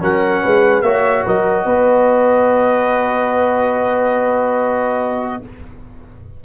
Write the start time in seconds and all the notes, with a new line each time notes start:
0.00 F#3 C#4 A#4 F#5
0.43 G#3 B4
0.82 A#3 F#4 C#5 E5
1.26 F#3 A#4 D#5
1.65 B3 B4